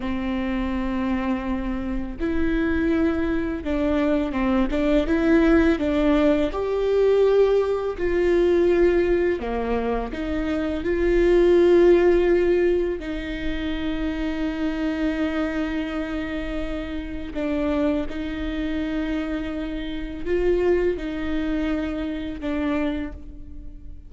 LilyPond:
\new Staff \with { instrumentName = "viola" } { \time 4/4 \tempo 4 = 83 c'2. e'4~ | e'4 d'4 c'8 d'8 e'4 | d'4 g'2 f'4~ | f'4 ais4 dis'4 f'4~ |
f'2 dis'2~ | dis'1 | d'4 dis'2. | f'4 dis'2 d'4 | }